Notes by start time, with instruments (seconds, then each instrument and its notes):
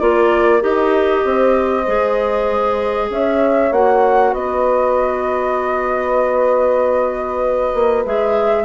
0.00 bassoon A#3, clarinet F4, horn A#4, flute D5
0.61 bassoon D#4, clarinet G4, flute D#5
1.25 bassoon C4, horn C5
1.87 bassoon G#3, clarinet G#4
3.10 bassoon C#4, horn C#5, flute E5
3.72 bassoon A#3, clarinet F#4, flute F#5
4.33 bassoon B3, horn B4, flute D#5
7.74 bassoon A#3
8.06 bassoon G#3, clarinet G#4, flute E5